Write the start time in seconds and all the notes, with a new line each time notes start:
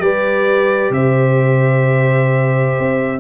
0.00 G3 G4 B4 D5
0.91 C3 C5 E5
2.79 C4